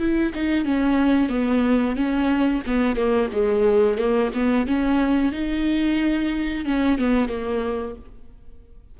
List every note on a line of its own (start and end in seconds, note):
0.00 0.33 E4
0.35 0.65 D#4
0.65 1.30 C#4
1.30 1.96 B3
1.96 2.63 C#4
2.67 2.96 B3
2.96 3.30 A#3
3.33 3.98 G#3
3.98 4.32 A#3
4.35 4.67 B3
4.67 5.32 C#4
5.32 6.66 D#4
6.66 6.99 C#4
6.99 7.29 B3
7.29 7.96 A#3